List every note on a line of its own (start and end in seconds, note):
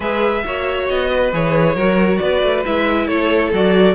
0.00 0.44 G#3
0.00 0.44 G#4
0.00 0.43 B4
0.00 0.88 E5
0.45 0.89 A#3
0.45 1.32 F#4
0.45 1.09 C#5
0.88 1.32 B3
0.88 1.32 D#5
1.09 1.75 B4
1.32 1.75 E3
1.32 1.76 G#4
1.32 2.17 C#5
1.75 2.19 F#3
1.75 2.65 F#4
1.75 2.19 A#4
2.17 2.42 B3
2.17 3.07 B4
2.17 2.61 D5
2.42 2.64 A3
2.65 3.07 G#3
2.65 3.53 E4
2.65 3.07 E5
3.07 3.52 A3
3.07 3.95 A4
3.07 3.51 C#5
3.53 3.95 F#3
3.53 3.95 F#4
3.53 3.95 D5